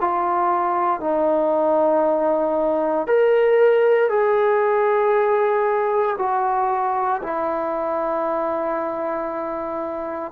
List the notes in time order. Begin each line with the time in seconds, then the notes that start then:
0.00 F4
1.00 D#4
3.07 A#4
4.09 G#4
6.18 F#4
7.23 E4